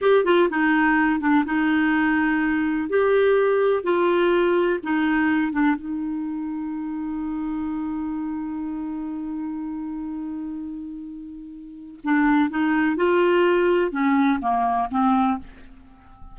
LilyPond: \new Staff \with { instrumentName = "clarinet" } { \time 4/4 \tempo 4 = 125 g'8 f'8 dis'4. d'8 dis'4~ | dis'2 g'2 | f'2 dis'4. d'8 | dis'1~ |
dis'1~ | dis'1~ | dis'4 d'4 dis'4 f'4~ | f'4 cis'4 ais4 c'4 | }